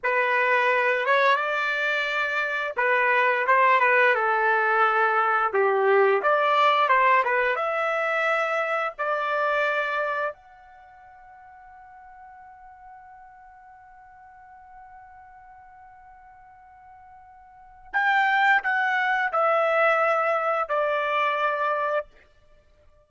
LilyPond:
\new Staff \with { instrumentName = "trumpet" } { \time 4/4 \tempo 4 = 87 b'4. cis''8 d''2 | b'4 c''8 b'8 a'2 | g'4 d''4 c''8 b'8 e''4~ | e''4 d''2 fis''4~ |
fis''1~ | fis''1~ | fis''2 g''4 fis''4 | e''2 d''2 | }